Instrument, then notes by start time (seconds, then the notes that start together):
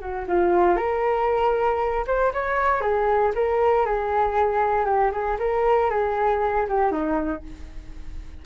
flute
0.00 F#4
0.27 F4
0.76 A#4
2.07 C5
2.33 C#5
2.80 G#4
3.35 A#4
3.85 G#4
4.85 G4
5.11 G#4
5.38 A#4
5.90 G#4
6.68 G4
6.91 D#4